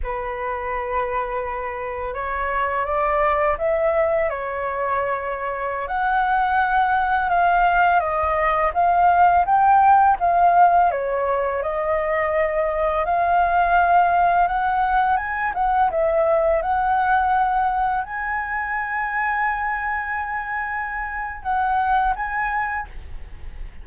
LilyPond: \new Staff \with { instrumentName = "flute" } { \time 4/4 \tempo 4 = 84 b'2. cis''4 | d''4 e''4 cis''2~ | cis''16 fis''2 f''4 dis''8.~ | dis''16 f''4 g''4 f''4 cis''8.~ |
cis''16 dis''2 f''4.~ f''16~ | f''16 fis''4 gis''8 fis''8 e''4 fis''8.~ | fis''4~ fis''16 gis''2~ gis''8.~ | gis''2 fis''4 gis''4 | }